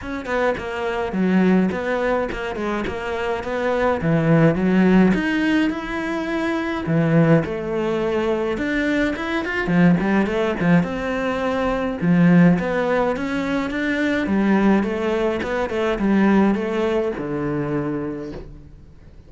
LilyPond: \new Staff \with { instrumentName = "cello" } { \time 4/4 \tempo 4 = 105 cis'8 b8 ais4 fis4 b4 | ais8 gis8 ais4 b4 e4 | fis4 dis'4 e'2 | e4 a2 d'4 |
e'8 f'8 f8 g8 a8 f8 c'4~ | c'4 f4 b4 cis'4 | d'4 g4 a4 b8 a8 | g4 a4 d2 | }